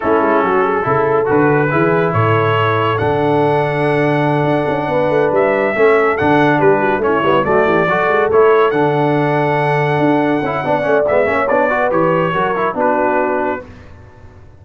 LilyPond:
<<
  \new Staff \with { instrumentName = "trumpet" } { \time 4/4 \tempo 4 = 141 a'2. b'4~ | b'4 cis''2 fis''4~ | fis''1~ | fis''8 e''2 fis''4 b'8~ |
b'8 cis''4 d''2 cis''8~ | cis''8 fis''2.~ fis''8~ | fis''2 e''4 d''4 | cis''2 b'2 | }
  \new Staff \with { instrumentName = "horn" } { \time 4/4 e'4 fis'8 gis'8 a'2 | gis'4 a'2.~ | a'2.~ a'8 b'8~ | b'4. a'2 g'8 |
fis'8 e'4 fis'8 g'8 a'4.~ | a'1~ | a'4 d''4. cis''4 b'8~ | b'4 ais'4 fis'2 | }
  \new Staff \with { instrumentName = "trombone" } { \time 4/4 cis'2 e'4 fis'4 | e'2. d'4~ | d'1~ | d'4. cis'4 d'4.~ |
d'8 cis'8 b8 a4 fis'4 e'8~ | e'8 d'2.~ d'8~ | d'8 e'8 d'8 cis'8 b8 cis'8 d'8 fis'8 | g'4 fis'8 e'8 d'2 | }
  \new Staff \with { instrumentName = "tuba" } { \time 4/4 a8 gis8 fis4 cis4 d4 | e4 a,2 d4~ | d2~ d8 d'8 cis'8 b8 | a8 g4 a4 d4 g8~ |
g8 a8 g8 fis8 e8 fis8 gis8 a8~ | a8 d2. d'8~ | d'8 cis'8 b8 a8 gis8 ais8 b4 | e4 fis4 b2 | }
>>